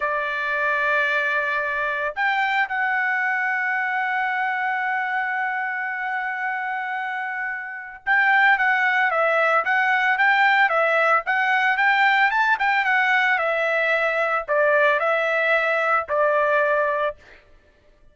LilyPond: \new Staff \with { instrumentName = "trumpet" } { \time 4/4 \tempo 4 = 112 d''1 | g''4 fis''2.~ | fis''1~ | fis''2. g''4 |
fis''4 e''4 fis''4 g''4 | e''4 fis''4 g''4 a''8 g''8 | fis''4 e''2 d''4 | e''2 d''2 | }